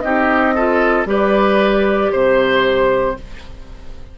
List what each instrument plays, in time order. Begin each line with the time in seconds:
0.00 bassoon C4, clarinet D#4, oboe G4, flute D#5
0.54 clarinet F4, oboe A4
1.05 bassoon G3, clarinet G4, oboe B4, flute D5
2.11 bassoon C3, flute C5, oboe C5